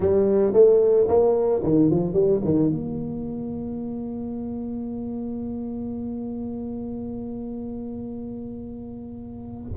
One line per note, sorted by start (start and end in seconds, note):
0.00 0.53 G3
0.53 1.07 A3
1.08 1.62 A#3
1.63 1.90 D#3
1.90 2.13 F3
2.13 2.40 G3
2.44 2.70 D#3
2.70 9.72 A#3